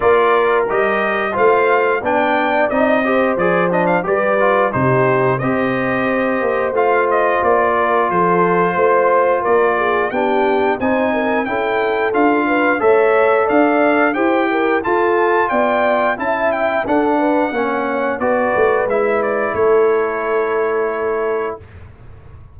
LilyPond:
<<
  \new Staff \with { instrumentName = "trumpet" } { \time 4/4 \tempo 4 = 89 d''4 dis''4 f''4 g''4 | dis''4 d''8 dis''16 f''16 d''4 c''4 | dis''2 f''8 dis''8 d''4 | c''2 d''4 g''4 |
gis''4 g''4 f''4 e''4 | f''4 g''4 a''4 g''4 | a''8 g''8 fis''2 d''4 | e''8 d''8 cis''2. | }
  \new Staff \with { instrumentName = "horn" } { \time 4/4 ais'2 c''4 d''4~ | d''8 c''4. b'4 g'4 | c''2.~ c''8 ais'8 | a'4 c''4 ais'8 gis'8 g'4 |
c''8 ais'8 a'4. b'8 cis''4 | d''4 c''8 ais'8 a'4 d''4 | e''4 a'8 b'8 cis''4 b'4~ | b'4 a'2. | }
  \new Staff \with { instrumentName = "trombone" } { \time 4/4 f'4 g'4 f'4 d'4 | dis'8 g'8 gis'8 d'8 g'8 f'8 dis'4 | g'2 f'2~ | f'2. d'4 |
dis'4 e'4 f'4 a'4~ | a'4 g'4 f'2 | e'4 d'4 cis'4 fis'4 | e'1 | }
  \new Staff \with { instrumentName = "tuba" } { \time 4/4 ais4 g4 a4 b4 | c'4 f4 g4 c4 | c'4. ais8 a4 ais4 | f4 a4 ais4 b4 |
c'4 cis'4 d'4 a4 | d'4 e'4 f'4 b4 | cis'4 d'4 ais4 b8 a8 | gis4 a2. | }
>>